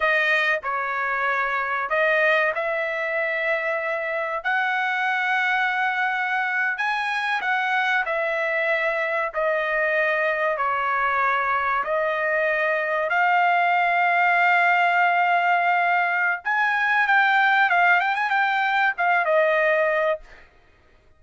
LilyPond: \new Staff \with { instrumentName = "trumpet" } { \time 4/4 \tempo 4 = 95 dis''4 cis''2 dis''4 | e''2. fis''4~ | fis''2~ fis''8. gis''4 fis''16~ | fis''8. e''2 dis''4~ dis''16~ |
dis''8. cis''2 dis''4~ dis''16~ | dis''8. f''2.~ f''16~ | f''2 gis''4 g''4 | f''8 g''16 gis''16 g''4 f''8 dis''4. | }